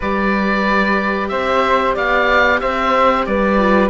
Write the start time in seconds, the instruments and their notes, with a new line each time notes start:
0.00 cello G3, viola G4, flute B4, oboe D5
1.28 cello C4, flute C5, oboe E5
1.95 cello B3, flute D5, oboe F5
2.60 cello C4, flute C5, oboe E5
3.25 cello G3, flute B4, oboe D5
3.58 viola F4